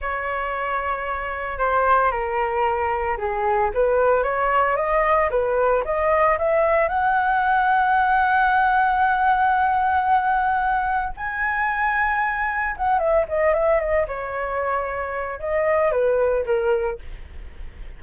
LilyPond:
\new Staff \with { instrumentName = "flute" } { \time 4/4 \tempo 4 = 113 cis''2. c''4 | ais'2 gis'4 b'4 | cis''4 dis''4 b'4 dis''4 | e''4 fis''2.~ |
fis''1~ | fis''4 gis''2. | fis''8 e''8 dis''8 e''8 dis''8 cis''4.~ | cis''4 dis''4 b'4 ais'4 | }